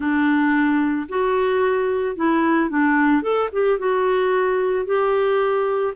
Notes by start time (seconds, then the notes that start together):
0.00 D4
1.08 F#4
2.15 E4
2.69 D4
3.22 A4
3.52 G4
3.78 F#4
4.85 G4